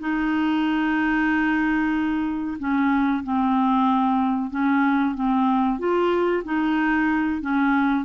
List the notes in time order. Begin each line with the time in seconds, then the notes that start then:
0.00 D#4
2.59 C#4
3.24 C4
4.51 C#4
5.15 C4
5.79 F4
6.45 D#4
7.42 C#4